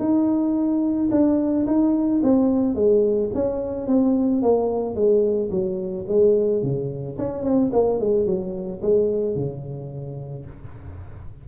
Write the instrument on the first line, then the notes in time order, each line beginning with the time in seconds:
tuba
0.00 D#4
1.11 D4
1.67 D#4
2.24 C4
2.75 G#3
3.35 C#4
3.88 C4
4.43 A#3
4.95 G#3
5.51 F#3
6.08 G#3
6.63 C#3
7.19 C#4
7.44 C4
7.73 A#3
8.00 G#3
8.26 F#3
8.82 G#3
9.36 C#3